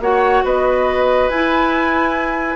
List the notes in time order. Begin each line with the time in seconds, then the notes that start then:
0.00 A#3 F#4 C#5 F#5
0.44 B3 B4 D#5
1.29 E4 G#5